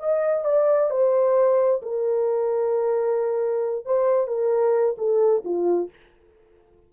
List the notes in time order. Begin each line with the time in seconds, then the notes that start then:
0.00 D#5
0.45 D5
0.90 C5
1.82 A#4
3.86 C5
4.28 A#4
4.98 A4
5.45 F4